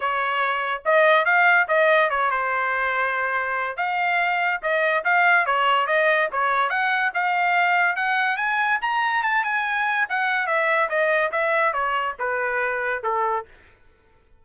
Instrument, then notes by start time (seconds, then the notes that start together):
trumpet
0.00 C#5
0.85 D#5
1.25 F5
1.68 D#5
2.10 C#5
2.31 C5
3.76 F5
4.62 D#5
5.04 F5
5.46 C#5
5.86 D#5
6.32 C#5
6.69 F#5
7.13 F5
7.96 F#5
8.36 G#5
8.81 A#5
9.23 A5
9.44 G#5
10.09 F#5
10.46 E5
10.89 D#5
11.31 E5
11.73 C#5
12.19 B4
13.03 A4